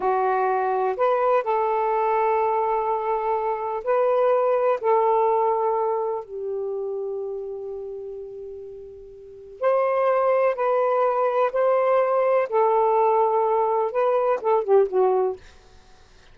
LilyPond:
\new Staff \with { instrumentName = "saxophone" } { \time 4/4 \tempo 4 = 125 fis'2 b'4 a'4~ | a'1 | b'2 a'2~ | a'4 g'2.~ |
g'1 | c''2 b'2 | c''2 a'2~ | a'4 b'4 a'8 g'8 fis'4 | }